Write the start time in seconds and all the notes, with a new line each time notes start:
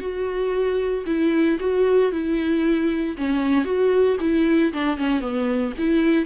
0.00 F#4
1.06 E4
1.60 F#4
2.12 E4
3.17 C#4
3.65 F#4
4.20 E4
4.73 D4
4.98 C#4
5.21 B3
5.78 E4